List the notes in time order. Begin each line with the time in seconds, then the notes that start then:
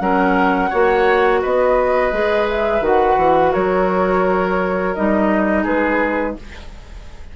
0.00 F#3 C#4 A#4 F#5
0.70 A#3 F#4 C#5
1.42 B3 B4 D#5
2.12 G#3 G#4
2.50 E5
2.81 D#3 F#4 F#5
3.18 E3
3.53 F#3 A#4 C#5
4.95 G3 D#4 D#5
5.64 G#3 G#4 B4